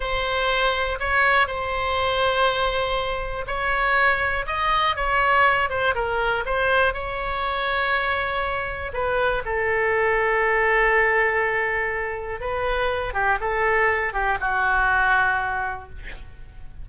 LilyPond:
\new Staff \with { instrumentName = "oboe" } { \time 4/4 \tempo 4 = 121 c''2 cis''4 c''4~ | c''2. cis''4~ | cis''4 dis''4 cis''4. c''8 | ais'4 c''4 cis''2~ |
cis''2 b'4 a'4~ | a'1~ | a'4 b'4. g'8 a'4~ | a'8 g'8 fis'2. | }